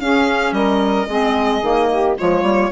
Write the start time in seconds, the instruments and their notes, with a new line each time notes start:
0.00 clarinet C#4, bassoon C#4, saxophone G#4, violin F5
0.52 bassoon G3, saxophone A#4, violin D#5
1.08 bassoon G#3, clarinet C4, saxophone G#4
1.62 bassoon D#3, clarinet A#3
1.91 saxophone G4
2.16 bassoon F3, clarinet G#3, saxophone F4, violin C#5
2.42 bassoon G3, clarinet A#3